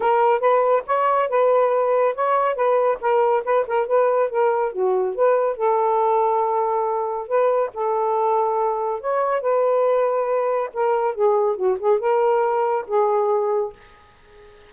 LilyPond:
\new Staff \with { instrumentName = "saxophone" } { \time 4/4 \tempo 4 = 140 ais'4 b'4 cis''4 b'4~ | b'4 cis''4 b'4 ais'4 | b'8 ais'8 b'4 ais'4 fis'4 | b'4 a'2.~ |
a'4 b'4 a'2~ | a'4 cis''4 b'2~ | b'4 ais'4 gis'4 fis'8 gis'8 | ais'2 gis'2 | }